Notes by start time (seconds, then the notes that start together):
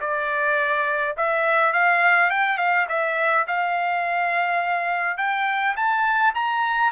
0.00 D5
1.17 E5
1.73 F5
2.30 G5
2.58 F5
2.88 E5
3.47 F5
5.17 G5
5.76 A5
6.35 A#5